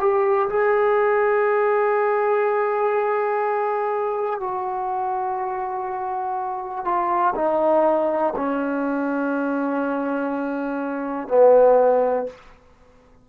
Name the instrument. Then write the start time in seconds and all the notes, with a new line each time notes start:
trombone
0.00 G4
0.49 G#4
4.40 F#4
6.85 F4
7.35 D#4
8.37 C#4
11.28 B3